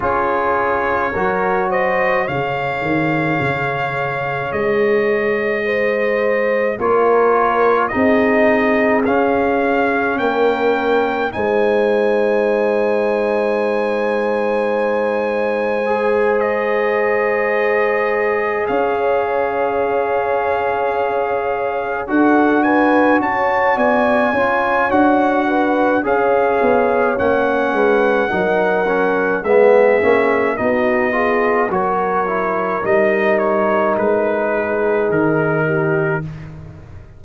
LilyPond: <<
  \new Staff \with { instrumentName = "trumpet" } { \time 4/4 \tempo 4 = 53 cis''4. dis''8 f''2 | dis''2 cis''4 dis''4 | f''4 g''4 gis''2~ | gis''2~ gis''8 dis''4.~ |
dis''8 f''2. fis''8 | gis''8 a''8 gis''4 fis''4 f''4 | fis''2 e''4 dis''4 | cis''4 dis''8 cis''8 b'4 ais'4 | }
  \new Staff \with { instrumentName = "horn" } { \time 4/4 gis'4 ais'8 c''8 cis''2~ | cis''4 c''4 ais'4 gis'4~ | gis'4 ais'4 c''2~ | c''1~ |
c''8 cis''2. a'8 | b'8 cis''8 d''8 cis''4 b'8 cis''4~ | cis''8 b'8 ais'4 gis'4 fis'8 gis'8 | ais'2~ ais'8 gis'4 g'8 | }
  \new Staff \with { instrumentName = "trombone" } { \time 4/4 f'4 fis'4 gis'2~ | gis'2 f'4 dis'4 | cis'2 dis'2~ | dis'2 gis'2~ |
gis'2.~ gis'8 fis'8~ | fis'4. f'8 fis'4 gis'4 | cis'4 dis'8 cis'8 b8 cis'8 dis'8 f'8 | fis'8 e'8 dis'2. | }
  \new Staff \with { instrumentName = "tuba" } { \time 4/4 cis'4 fis4 cis8 dis8 cis4 | gis2 ais4 c'4 | cis'4 ais4 gis2~ | gis1~ |
gis8 cis'2. d'8~ | d'8 cis'8 b8 cis'8 d'4 cis'8 b8 | ais8 gis8 fis4 gis8 ais8 b4 | fis4 g4 gis4 dis4 | }
>>